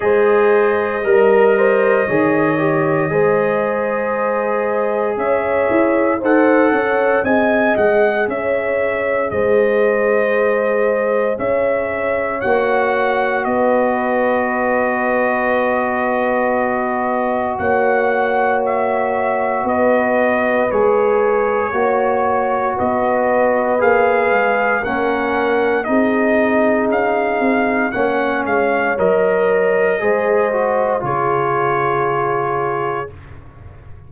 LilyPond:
<<
  \new Staff \with { instrumentName = "trumpet" } { \time 4/4 \tempo 4 = 58 dis''1~ | dis''4 e''4 fis''4 gis''8 fis''8 | e''4 dis''2 e''4 | fis''4 dis''2.~ |
dis''4 fis''4 e''4 dis''4 | cis''2 dis''4 f''4 | fis''4 dis''4 f''4 fis''8 f''8 | dis''2 cis''2 | }
  \new Staff \with { instrumentName = "horn" } { \time 4/4 c''4 ais'8 c''8 cis''4 c''4~ | c''4 cis''4 c''8 cis''8 dis''4 | cis''4 c''2 cis''4~ | cis''4 b'2.~ |
b'4 cis''2 b'4~ | b'4 cis''4 b'2 | ais'4 gis'2 cis''4~ | cis''4 c''4 gis'2 | }
  \new Staff \with { instrumentName = "trombone" } { \time 4/4 gis'4 ais'4 gis'8 g'8 gis'4~ | gis'2 a'4 gis'4~ | gis'1 | fis'1~ |
fis'1 | gis'4 fis'2 gis'4 | cis'4 dis'2 cis'4 | ais'4 gis'8 fis'8 f'2 | }
  \new Staff \with { instrumentName = "tuba" } { \time 4/4 gis4 g4 dis4 gis4~ | gis4 cis'8 e'8 dis'8 cis'8 c'8 gis8 | cis'4 gis2 cis'4 | ais4 b2.~ |
b4 ais2 b4 | gis4 ais4 b4 ais8 gis8 | ais4 c'4 cis'8 c'8 ais8 gis8 | fis4 gis4 cis2 | }
>>